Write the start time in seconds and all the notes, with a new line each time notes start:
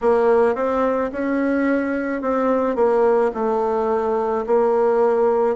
0.01 A#3
0.55 C4
1.12 C#4
2.21 C4
2.75 A#3
3.34 A3
4.46 A#3